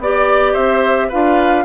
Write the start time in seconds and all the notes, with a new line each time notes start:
0.00 B3 G4 D5
0.53 C4 C5 E5
1.09 D4 F4 B4 F5